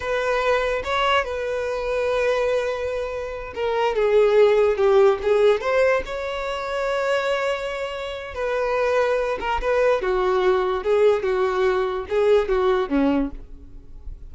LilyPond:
\new Staff \with { instrumentName = "violin" } { \time 4/4 \tempo 4 = 144 b'2 cis''4 b'4~ | b'1~ | b'8 ais'4 gis'2 g'8~ | g'8 gis'4 c''4 cis''4.~ |
cis''1 | b'2~ b'8 ais'8 b'4 | fis'2 gis'4 fis'4~ | fis'4 gis'4 fis'4 cis'4 | }